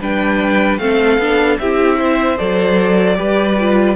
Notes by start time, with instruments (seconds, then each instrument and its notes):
0.00 cello G3, viola D4, violin B4 G5
0.78 cello A3, viola C4, violin A4 F5
1.18 cello B3, viola D4
1.59 cello C4, viola E4, violin G4 E5
1.99 violin C5
2.38 cello F#3, viola A4, violin D5
3.16 cello G3, viola G4, violin B4
3.60 viola F4